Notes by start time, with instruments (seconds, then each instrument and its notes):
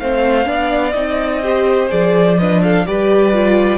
0.00 cello A3, viola C4, violin C5 F5
0.46 cello B3, viola D4, violin D5
0.92 cello C4, viola D#4, violin D#5
1.43 viola G4, violin C5
1.89 cello F3, viola G#4, violin D5
2.38 viola D4, violin B4 D#5
2.62 violin A4 F5
2.86 cello G3, viola G4, violin B4 D5
3.33 viola F4